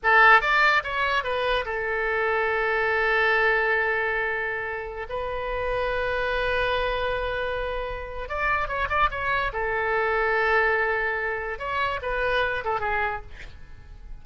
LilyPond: \new Staff \with { instrumentName = "oboe" } { \time 4/4 \tempo 4 = 145 a'4 d''4 cis''4 b'4 | a'1~ | a'1~ | a'16 b'2.~ b'8.~ |
b'1 | d''4 cis''8 d''8 cis''4 a'4~ | a'1 | cis''4 b'4. a'8 gis'4 | }